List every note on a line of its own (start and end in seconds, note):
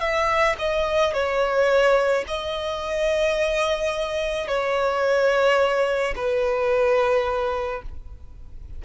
0.00 0.56 E5
0.59 1.13 D#5
1.13 2.24 C#5
2.27 4.47 D#5
4.47 6.14 C#5
6.16 7.82 B4